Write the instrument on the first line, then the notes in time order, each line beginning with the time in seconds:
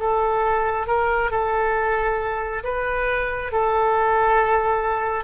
oboe
0.00 A4
0.87 A#4
1.31 A4
2.64 B4
3.53 A4